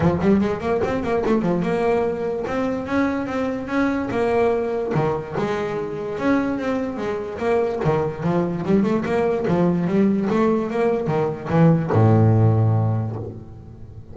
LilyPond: \new Staff \with { instrumentName = "double bass" } { \time 4/4 \tempo 4 = 146 f8 g8 gis8 ais8 c'8 ais8 a8 f8 | ais2 c'4 cis'4 | c'4 cis'4 ais2 | dis4 gis2 cis'4 |
c'4 gis4 ais4 dis4 | f4 g8 a8 ais4 f4 | g4 a4 ais4 dis4 | e4 a,2. | }